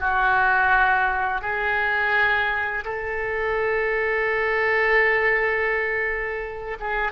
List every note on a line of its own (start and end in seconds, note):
0.00 1.42 F#4
1.42 2.84 G#4
2.85 6.78 A4
6.80 7.12 G#4